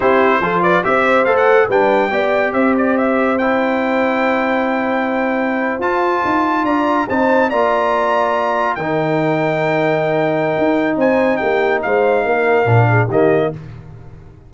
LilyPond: <<
  \new Staff \with { instrumentName = "trumpet" } { \time 4/4 \tempo 4 = 142 c''4. d''8 e''4 f''16 fis''8. | g''2 e''8 d''8 e''4 | g''1~ | g''4.~ g''16 a''2 ais''16~ |
ais''8. a''4 ais''2~ ais''16~ | ais''8. g''2.~ g''16~ | g''2 gis''4 g''4 | f''2. dis''4 | }
  \new Staff \with { instrumentName = "horn" } { \time 4/4 g'4 a'8 b'8 c''2 | b'4 d''4 c''2~ | c''1~ | c''2.~ c''8. d''16~ |
d''8. c''4 d''2~ d''16~ | d''8. ais'2.~ ais'16~ | ais'2 c''4 g'4 | c''4 ais'4. gis'8 g'4 | }
  \new Staff \with { instrumentName = "trombone" } { \time 4/4 e'4 f'4 g'4 a'4 | d'4 g'2. | e'1~ | e'4.~ e'16 f'2~ f'16~ |
f'8. dis'4 f'2~ f'16~ | f'8. dis'2.~ dis'16~ | dis'1~ | dis'2 d'4 ais4 | }
  \new Staff \with { instrumentName = "tuba" } { \time 4/4 c'4 f4 c'4 a4 | g4 b4 c'2~ | c'1~ | c'4.~ c'16 f'4 dis'4 d'16~ |
d'8. c'4 ais2~ ais16~ | ais8. dis2.~ dis16~ | dis4 dis'4 c'4 ais4 | gis4 ais4 ais,4 dis4 | }
>>